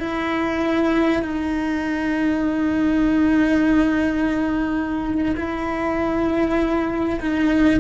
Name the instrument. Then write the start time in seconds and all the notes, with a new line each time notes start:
cello
0.00 E4
1.22 D#4
5.37 E4
7.20 D#4